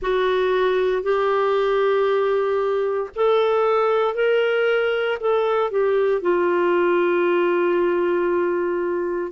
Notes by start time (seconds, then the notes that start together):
0.02 F#4
1.03 G4
3.15 A4
4.14 A#4
5.20 A4
5.70 G4
6.21 F4